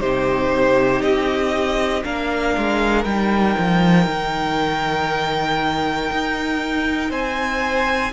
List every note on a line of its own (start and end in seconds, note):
0.00 1.02 C3
0.00 2.04 D#4
0.00 2.03 G4
0.00 1.02 C5
1.02 2.03 C4
1.02 2.04 D#5
2.04 2.57 A#3
2.04 3.06 D4
2.04 7.10 A#4
2.04 3.05 F5
2.58 3.05 G#3
3.05 3.56 G3
3.05 8.13 D#4
3.05 7.11 G5
3.58 4.07 F3
4.07 6.10 D#3
6.11 7.10 D#4
7.10 8.12 C4
7.10 8.12 C5
7.10 8.13 G#5